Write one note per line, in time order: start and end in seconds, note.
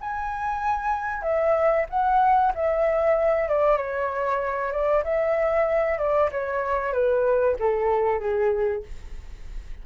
0.00 1.22 G#5
1.22 1.85 E5
1.89 2.52 F#5
2.54 3.48 E5
3.48 3.77 D5
3.77 4.72 C#5
4.72 5.03 D5
5.04 5.98 E5
5.98 6.30 D5
6.31 6.92 C#5
6.92 7.56 B4
7.59 8.19 A4
8.19 8.82 G#4